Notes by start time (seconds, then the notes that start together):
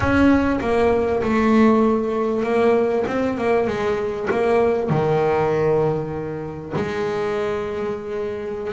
0.00 C#4
0.61 A#3
1.22 A3
2.43 A#3
3.07 C4
3.37 A#3
3.67 G#3
4.30 A#3
4.89 D#3
6.75 G#3